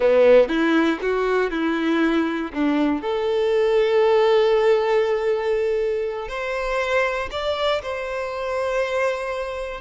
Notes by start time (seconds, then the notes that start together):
0.00 B3
0.48 E4
1.01 F#4
1.50 E4
2.53 D4
3.01 A4
6.28 C5
7.31 D5
7.82 C5